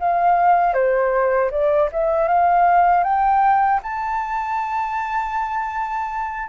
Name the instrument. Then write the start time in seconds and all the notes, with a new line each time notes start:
flute
0.00 F5
0.74 C5
1.51 D5
1.92 E5
2.29 F5
3.04 G5
3.83 A5